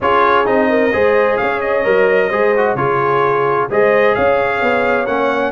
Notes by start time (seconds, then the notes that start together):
0.00 C#4 F4 G#4 C#5
0.45 C4 D#4 D#5
0.69 A#4
0.92 G#3 G#4 C5
1.37 C#4 C#5 F5
1.61 D#5
1.84 F#3 A#4
2.29 G#3 G#4 C5
2.56 F#4
2.74 C#3 F4 G#4 C#5
3.70 G#3 G#4 C5 D#5
4.14 C#4 C#5 F5
4.61 B3
5.06 A#3 C#4 F#5